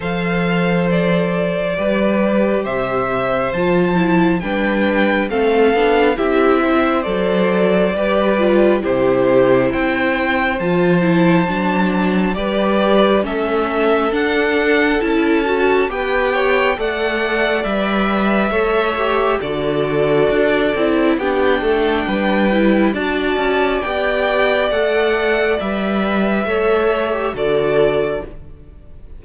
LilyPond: <<
  \new Staff \with { instrumentName = "violin" } { \time 4/4 \tempo 4 = 68 f''4 d''2 e''4 | a''4 g''4 f''4 e''4 | d''2 c''4 g''4 | a''2 d''4 e''4 |
fis''4 a''4 g''4 fis''4 | e''2 d''2 | g''2 a''4 g''4 | fis''4 e''2 d''4 | }
  \new Staff \with { instrumentName = "violin" } { \time 4/4 c''2 b'4 c''4~ | c''4 b'4 a'4 g'8 c''8~ | c''4 b'4 g'4 c''4~ | c''2 b'4 a'4~ |
a'2 b'8 cis''8 d''4~ | d''4 cis''4 a'2 | g'8 a'8 b'4 d''2~ | d''2 cis''4 a'4 | }
  \new Staff \with { instrumentName = "viola" } { \time 4/4 a'2 g'2 | f'8 e'8 d'4 c'8 d'8 e'4 | a'4 g'8 f'8 e'2 | f'8 e'8 d'4 g'4 cis'4 |
d'4 e'8 fis'8 g'4 a'4 | b'4 a'8 g'8 fis'4. e'8 | d'4. e'8 fis'4 g'4 | a'4 b'4 a'8. g'16 fis'4 | }
  \new Staff \with { instrumentName = "cello" } { \time 4/4 f2 g4 c4 | f4 g4 a8 b8 c'4 | fis4 g4 c4 c'4 | f4 fis4 g4 a4 |
d'4 cis'4 b4 a4 | g4 a4 d4 d'8 c'8 | b8 a8 g4 d'8 cis'8 b4 | a4 g4 a4 d4 | }
>>